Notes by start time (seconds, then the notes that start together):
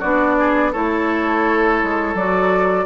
0.00 B3 D4 F#4 D5
0.40 G#4
0.72 A3 E4 A4 C#5
1.83 G#3
2.14 F#3 F#4 D5